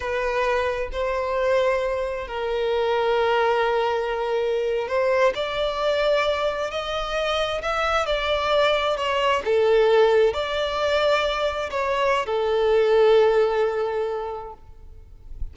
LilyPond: \new Staff \with { instrumentName = "violin" } { \time 4/4 \tempo 4 = 132 b'2 c''2~ | c''4 ais'2.~ | ais'2~ ais'8. c''4 d''16~ | d''2~ d''8. dis''4~ dis''16~ |
dis''8. e''4 d''2 cis''16~ | cis''8. a'2 d''4~ d''16~ | d''4.~ d''16 cis''4~ cis''16 a'4~ | a'1 | }